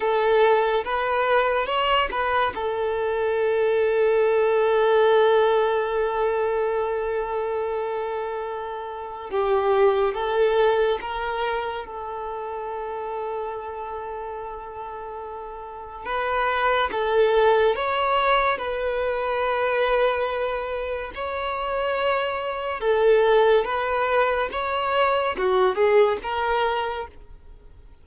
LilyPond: \new Staff \with { instrumentName = "violin" } { \time 4/4 \tempo 4 = 71 a'4 b'4 cis''8 b'8 a'4~ | a'1~ | a'2. g'4 | a'4 ais'4 a'2~ |
a'2. b'4 | a'4 cis''4 b'2~ | b'4 cis''2 a'4 | b'4 cis''4 fis'8 gis'8 ais'4 | }